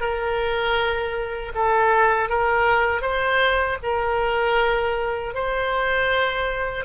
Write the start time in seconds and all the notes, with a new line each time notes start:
0.00 A#4
1.55 A4
2.29 A#4
3.02 C5
3.83 A#4
5.34 C5